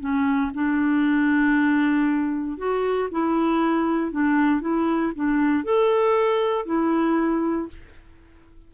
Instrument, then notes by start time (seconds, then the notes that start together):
clarinet
0.00 C#4
0.54 D4
2.58 F#4
3.11 E4
4.12 D4
4.61 E4
5.15 D4
5.64 A4
6.66 E4